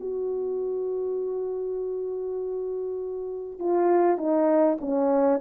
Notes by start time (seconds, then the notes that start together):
0.00 F#4
3.59 F4
4.18 D#4
4.81 C#4